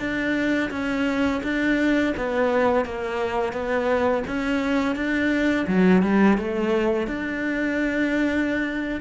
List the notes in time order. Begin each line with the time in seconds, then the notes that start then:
0.00 D4
0.71 C#4
1.44 D4
2.17 B3
2.85 A#3
3.53 B3
4.27 C#4
4.96 D4
5.68 F#3
6.03 G3
6.38 A3
7.07 D4